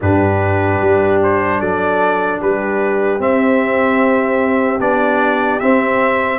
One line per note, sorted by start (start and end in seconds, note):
0.01 0.80 G2
0.01 3.19 D4
0.01 1.59 G4
0.01 1.22 B4
0.80 1.60 G3
1.23 1.60 C5
1.59 2.40 F#3
1.59 2.39 A4
1.59 2.40 D5
2.41 3.19 G3
2.41 6.39 G4
2.41 3.21 B4
3.19 4.79 C4
3.19 4.80 E5
4.79 5.59 B3
4.79 5.60 D4
4.79 5.60 D5
5.60 6.39 C4
5.60 6.39 E5